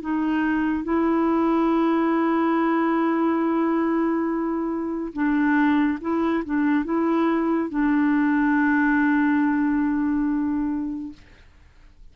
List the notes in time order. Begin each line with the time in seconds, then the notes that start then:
0.00 D#4
0.83 E4
5.12 D4
6.00 E4
6.45 D4
6.84 E4
7.69 D4